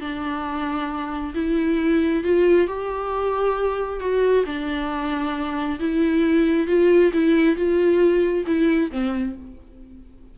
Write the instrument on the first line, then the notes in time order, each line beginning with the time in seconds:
viola
0.00 D4
1.34 E4
2.23 F4
2.67 G4
4.00 F#4
4.45 D4
5.79 E4
6.67 F4
7.13 E4
7.56 F4
8.46 E4
8.91 C4